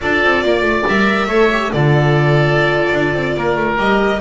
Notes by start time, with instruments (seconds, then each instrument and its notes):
0.01 double bass D4, viola F4, oboe A4, violin D5
0.23 double bass C4
0.44 double bass A#3, oboe D5
0.62 double bass A3
0.87 double bass G3, viola A#4, violin E5
1.27 double bass A3, viola A4, oboe C#5
1.51 viola G4
1.71 double bass D3, viola F4, oboe A4, violin D5
2.93 double bass D4
3.13 double bass C4
3.36 double bass A#3, oboe A#4
3.55 double bass A3
3.77 double bass G3, viola G4, violin D#5